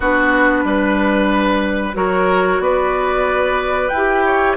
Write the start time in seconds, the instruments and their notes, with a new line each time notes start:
0.00 bassoon B3, clarinet D4, oboe F#4, flute B4
0.64 bassoon G3, oboe B4
1.93 bassoon F#3, clarinet F#4, oboe A#4, flute C#5
2.59 bassoon B3, oboe B4, flute D5
3.88 bassoon E4, flute G5
3.96 clarinet G4
4.24 oboe C#5